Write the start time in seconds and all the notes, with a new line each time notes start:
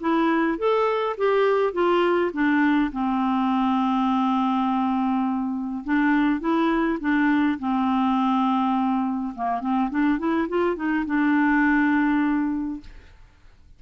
0.00 E4
0.58 A4
1.17 G4
1.73 F4
2.33 D4
2.92 C4
5.84 D4
6.40 E4
7.00 D4
7.59 C4
9.35 A#3
9.61 C4
9.90 D4
10.18 E4
10.48 F4
10.76 D#4
11.06 D4